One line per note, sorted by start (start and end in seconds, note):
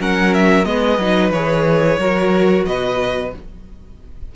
0.00 0.66 F#3
0.00 0.65 C#4
0.00 0.68 A#4
0.00 0.34 F#5
0.34 0.65 E5
0.65 0.98 G#3
0.65 0.98 B3
0.65 2.00 B4
0.65 1.32 D#5
0.98 1.31 F#3
0.98 1.35 D#4
1.31 1.98 E3
1.31 2.00 G#4
1.31 2.65 C#5
1.99 2.66 F#3
1.99 3.33 F#4
1.99 2.67 A#4
2.66 3.34 B2
2.66 3.36 B4
2.66 3.32 D#5